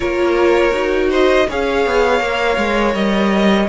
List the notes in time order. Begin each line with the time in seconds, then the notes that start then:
0.00 A#3 F4 A#4 C#5
0.71 D#4 F#4
1.09 C5 D#5
1.48 C#4 G#4 C#5 F5
1.86 B3
2.20 A#3 A#4
2.57 G#3
2.94 G3 D#5